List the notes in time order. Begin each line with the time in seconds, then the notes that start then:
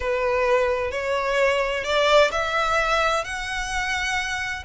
0.00 B4
0.91 C#5
1.84 D5
2.31 E5
3.24 F#5